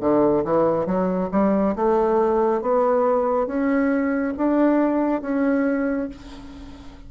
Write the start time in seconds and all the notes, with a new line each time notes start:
0.00 D3
0.44 E3
0.85 F#3
1.31 G3
1.75 A3
2.61 B3
3.46 C#4
4.37 D4
5.21 C#4